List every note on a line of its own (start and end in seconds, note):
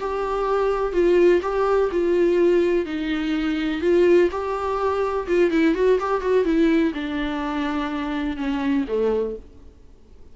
0.00 0.93 G4
0.93 1.41 F4
1.42 1.90 G4
1.92 2.86 F4
2.86 3.81 D#4
3.81 4.29 F4
4.32 5.28 G4
5.28 5.51 F4
5.51 5.75 E4
5.75 5.99 F#4
6.00 6.21 G4
6.21 6.45 F#4
6.45 6.93 E4
6.94 8.37 D4
8.37 8.85 C#4
8.88 9.36 A3